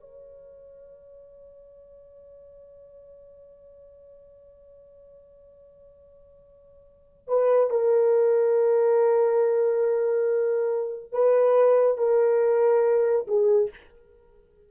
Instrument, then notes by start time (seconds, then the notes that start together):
horn
0.00 C#5
7.28 B4
7.70 A#4
11.12 B4
11.98 A#4
13.27 G#4